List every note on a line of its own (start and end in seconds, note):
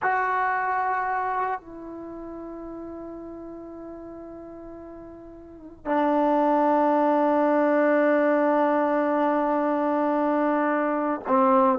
0.02 1.60 F#4
1.60 5.85 E4
5.85 11.21 D4
11.27 11.78 C4